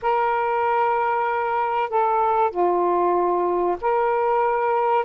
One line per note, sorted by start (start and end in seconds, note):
0.01 1.89 A#4
1.89 2.50 A4
2.50 3.77 F4
3.81 5.05 A#4